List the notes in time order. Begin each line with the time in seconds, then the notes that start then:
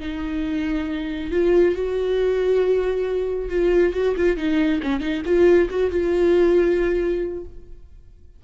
0.00 D#4
1.32 F4
1.76 F#4
3.50 F4
3.93 F#4
4.17 F4
4.37 D#4
4.83 C#4
5.01 D#4
5.25 F4
5.70 F#4
5.91 F4